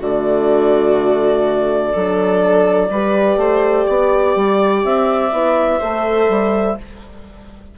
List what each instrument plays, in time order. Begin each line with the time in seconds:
0.00 bassoon D3, horn A3, viola F#4, clarinet D5
1.93 bassoon F#3, horn D4, viola A4
2.90 bassoon G3, horn G4, viola B4
3.36 bassoon A3, viola C5
3.87 bassoon B3, viola D5
4.36 bassoon G3
4.84 bassoon C4, clarinet E5
5.32 bassoon B3, horn E4
5.80 bassoon A3, horn A4, viola C5
6.29 bassoon G3